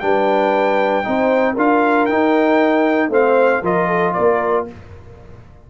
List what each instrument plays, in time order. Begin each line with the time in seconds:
0.00 tuba G3, trombone D4, horn B4, trumpet G5
1.04 tuba C4, trombone D#4, horn C5
1.53 tuba D4, trombone F4, horn A#4, trumpet F5
2.06 tuba D#4, trombone D#4, trumpet G5
3.09 tuba A3, trombone C4, horn C5, trumpet F5
3.63 tuba F3, trombone F4, horn A#4, trumpet D#5
3.88 horn A4
4.13 tuba A#3, horn A#4, trumpet D5